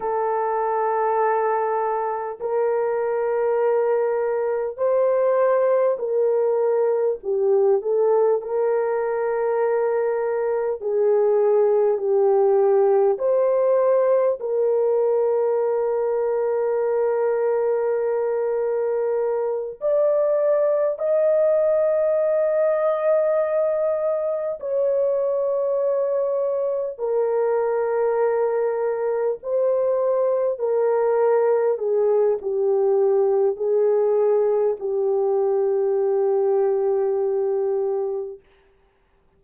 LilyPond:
\new Staff \with { instrumentName = "horn" } { \time 4/4 \tempo 4 = 50 a'2 ais'2 | c''4 ais'4 g'8 a'8 ais'4~ | ais'4 gis'4 g'4 c''4 | ais'1~ |
ais'8 d''4 dis''2~ dis''8~ | dis''8 cis''2 ais'4.~ | ais'8 c''4 ais'4 gis'8 g'4 | gis'4 g'2. | }